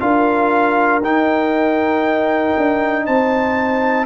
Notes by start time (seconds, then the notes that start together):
0.00 D4 F4 A#4 F5
1.02 D#4 G5
2.58 D4
3.06 C4 C5 A5